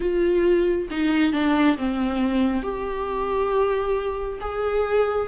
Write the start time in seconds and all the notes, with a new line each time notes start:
0.00 F4
0.90 D#4
1.32 D4
1.77 C4
2.62 G4
4.40 G#4